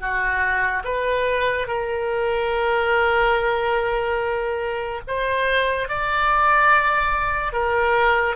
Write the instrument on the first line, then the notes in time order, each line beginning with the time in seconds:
oboe
0.00 F#4
0.84 B4
1.68 A#4
5.08 C5
5.89 D5
7.53 A#4